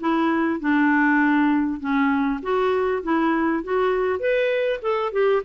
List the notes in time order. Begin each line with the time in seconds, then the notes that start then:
0.00 E4
0.60 D4
1.80 C#4
2.42 F#4
3.03 E4
3.63 F#4
4.20 B4
4.82 A4
5.12 G4